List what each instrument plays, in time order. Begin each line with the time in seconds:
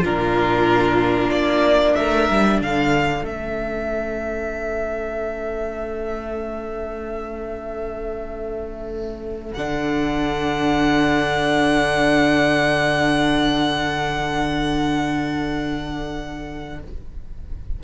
0.00 cello A#2, viola D4, violin F4 A#4
1.30 cello A#3, violin D5
1.95 cello A3, violin A#4 E5
2.29 cello G3
2.60 cello D3, violin A4 F5
3.22 cello A3, viola C#4, violin E5
9.54 cello D3, viola D4, violin F#5